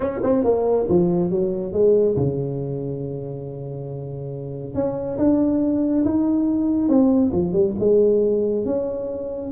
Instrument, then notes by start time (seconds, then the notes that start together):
tuba
0.00 C#4
0.22 C4
0.43 A#3
0.88 F3
1.30 F#3
1.72 G#3
2.16 C#3
4.74 C#4
5.18 D4
6.05 D#4
6.88 C4
7.32 F3
7.52 G3
7.79 G#3
8.65 C#4